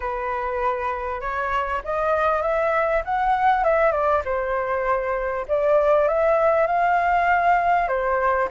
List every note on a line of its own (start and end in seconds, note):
0.00 1.20 B4
1.20 1.81 C#5
1.84 2.42 D#5
2.42 3.02 E5
3.04 3.64 F#5
3.64 3.91 E5
3.91 4.21 D5
4.25 5.46 C5
5.48 6.08 D5
6.08 6.67 E5
6.67 7.88 F5
7.88 8.48 C5